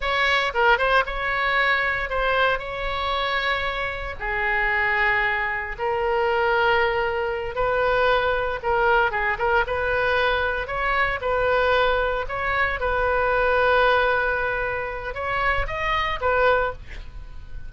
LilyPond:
\new Staff \with { instrumentName = "oboe" } { \time 4/4 \tempo 4 = 115 cis''4 ais'8 c''8 cis''2 | c''4 cis''2. | gis'2. ais'4~ | ais'2~ ais'8 b'4.~ |
b'8 ais'4 gis'8 ais'8 b'4.~ | b'8 cis''4 b'2 cis''8~ | cis''8 b'2.~ b'8~ | b'4 cis''4 dis''4 b'4 | }